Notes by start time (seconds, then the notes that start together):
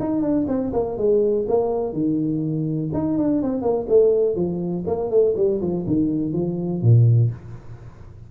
0.00 D#4
0.22 D4
0.48 C4
0.73 A#3
0.98 G#3
1.48 A#3
1.93 D#3
2.94 D#4
3.18 D4
3.42 C4
3.62 A#3
3.89 A3
4.35 F3
4.87 A#3
5.10 A3
5.37 G3
5.61 F3
5.87 D#3
6.33 F3
6.82 A#2